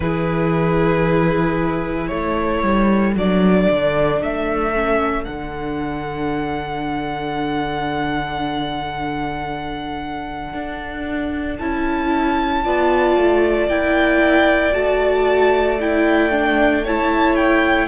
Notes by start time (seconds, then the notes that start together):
0.00 E3 E4 G#4 B4
2.07 A3 A4 C#5
2.62 G3
3.15 F#3 D4 D5
3.70 D3
4.20 A3 E5
4.73 C#4
5.24 D3 D4 F#5
10.53 D4
11.58 C#4 E4 A5
12.64 B3 F4 D5
13.16 A3
13.68 A#3 E4 G5
14.73 A3 F#4 A5
15.80 E4 G5
16.31 D4
16.83 E4 C#5 A5
17.35 G5